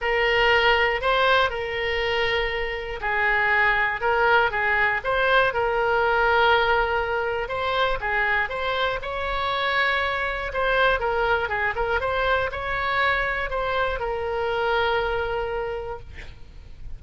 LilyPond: \new Staff \with { instrumentName = "oboe" } { \time 4/4 \tempo 4 = 120 ais'2 c''4 ais'4~ | ais'2 gis'2 | ais'4 gis'4 c''4 ais'4~ | ais'2. c''4 |
gis'4 c''4 cis''2~ | cis''4 c''4 ais'4 gis'8 ais'8 | c''4 cis''2 c''4 | ais'1 | }